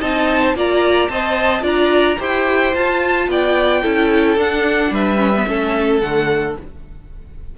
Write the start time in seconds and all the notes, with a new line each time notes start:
0.00 C4 D#4 D#5 A5
0.43 C5
0.55 A#3 F4 D5 A#5
1.09 C4 C5 D#5 A5
1.61 D4 F4 D5 A#5
2.19 E4 G4 C5 G5
2.74 F4 A5
3.28 B3 D5 G5
3.82 C#4 E4 A4
4.37 D4 F#5
4.91 G3 B4 E5
5.18 C#4
5.36 B3
5.47 A3 C#4 A4
6.01 D3 A3 F#5